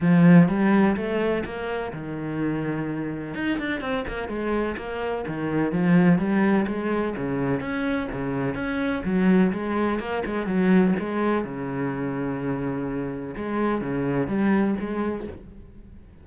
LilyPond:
\new Staff \with { instrumentName = "cello" } { \time 4/4 \tempo 4 = 126 f4 g4 a4 ais4 | dis2. dis'8 d'8 | c'8 ais8 gis4 ais4 dis4 | f4 g4 gis4 cis4 |
cis'4 cis4 cis'4 fis4 | gis4 ais8 gis8 fis4 gis4 | cis1 | gis4 cis4 g4 gis4 | }